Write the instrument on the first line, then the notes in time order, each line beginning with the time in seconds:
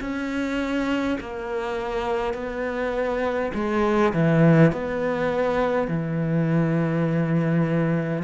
cello
0.00 C#4
1.20 A#3
2.34 B3
3.54 G#3
4.13 E3
4.72 B3
5.88 E3